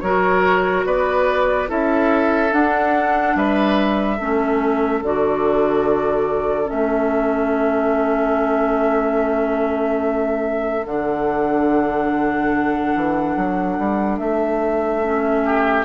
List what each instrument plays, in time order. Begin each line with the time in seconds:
0.00 bassoon F#3, clarinet F#4, oboe A#4, flute C#5
0.85 bassoon B3, oboe B4, flute D5
1.67 bassoon C#4, clarinet E4, oboe A4, flute E5
2.49 clarinet D4, bassoon D4, flute F#5
3.35 bassoon G3, oboe B4, flute E5
4.17 bassoon A3, clarinet C#4, oboe A4
5.02 bassoon D3, clarinet F#4, flute D5
6.65 clarinet C#4, flute E5
6.72 bassoon A3
10.86 bassoon D3, clarinet D4, flute F#5
12.95 bassoon E3
13.36 bassoon F#3
13.78 bassoon G3
14.18 bassoon A3, flute E5
15.02 clarinet C#4
15.45 oboe G4